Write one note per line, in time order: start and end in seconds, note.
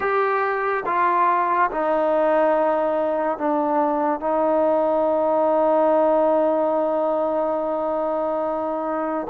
0.00 0.83 G4
0.85 1.70 F4
1.71 3.38 D#4
3.38 4.20 D4
4.20 9.27 D#4